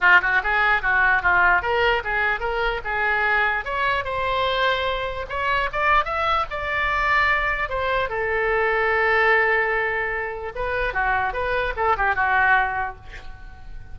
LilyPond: \new Staff \with { instrumentName = "oboe" } { \time 4/4 \tempo 4 = 148 f'8 fis'8 gis'4 fis'4 f'4 | ais'4 gis'4 ais'4 gis'4~ | gis'4 cis''4 c''2~ | c''4 cis''4 d''4 e''4 |
d''2. c''4 | a'1~ | a'2 b'4 fis'4 | b'4 a'8 g'8 fis'2 | }